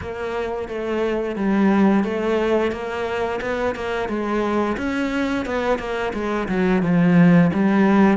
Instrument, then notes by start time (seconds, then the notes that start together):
cello
0.01 A#3
0.68 A3
1.36 G3
2.04 A3
2.71 A#3
3.41 B3
3.75 A#3
4.08 G#3
4.77 C#4
5.45 B3
5.78 A#3
6.13 G#3
6.48 F#3
6.82 F3
7.53 G3